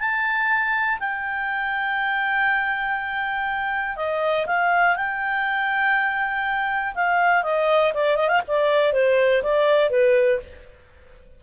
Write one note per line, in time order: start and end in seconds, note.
0.00 0.99 A5
1.00 3.97 G5
3.97 4.47 D#5
4.47 4.97 F5
4.97 6.95 G5
6.95 7.44 F5
7.44 7.93 D#5
7.95 8.17 D5
8.17 8.29 D#5
8.29 8.41 F5
8.48 8.93 D5
8.93 9.43 C5
9.43 9.90 D5
9.90 10.40 B4